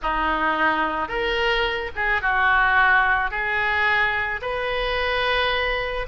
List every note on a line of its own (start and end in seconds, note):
0.02 1.08 D#4
1.08 1.90 A#4
1.95 2.21 G#4
2.21 3.31 F#4
3.31 4.41 G#4
4.41 6.06 B4